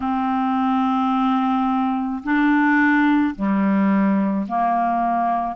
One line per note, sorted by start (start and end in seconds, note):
0.00 2.22 C4
2.23 3.34 D4
3.35 4.46 G3
4.47 5.56 A#3